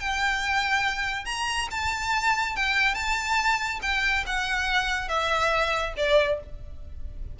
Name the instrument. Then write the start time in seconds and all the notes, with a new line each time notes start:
violin
0.00 G5
1.26 A#5
1.71 A5
2.56 G5
2.95 A5
3.82 G5
4.26 F#5
5.09 E5
5.97 D5